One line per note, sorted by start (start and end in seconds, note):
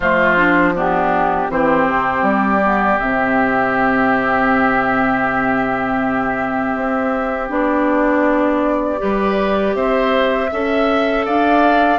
0.00 1.48 F3
0.00 0.37 A3
0.00 0.73 F4
0.00 0.75 C5
0.37 0.74 D4
0.75 1.49 B3
0.75 1.50 D4
0.75 1.50 G4
1.49 1.87 E3
1.49 2.61 C4
1.49 9.00 G4
1.49 2.24 C5
1.87 2.22 C3
2.22 2.97 G3
2.22 2.99 D5
2.63 3.00 B3
2.99 6.75 C3
2.99 7.49 C4
2.99 7.49 E5
6.75 7.49 C4
7.49 8.99 B3
7.49 8.97 D4
7.49 9.74 D5
8.97 9.74 G3
8.97 10.48 G4
8.97 9.75 B4
9.74 10.49 C4
9.74 10.50 C5
9.74 11.24 E5
10.50 11.26 C#4
10.50 11.98 A4
10.50 11.25 E5
11.25 11.98 D4
11.25 11.98 D5
11.25 11.98 F5